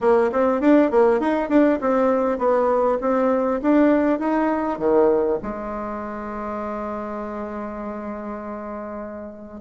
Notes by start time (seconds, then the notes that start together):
0.00 A#3
0.32 C4
0.60 D4
0.90 A#3
1.19 D#4
1.49 D4
1.81 C4
2.38 B3
3.00 C4
3.62 D4
4.19 D#4
4.78 D#3
5.42 G#3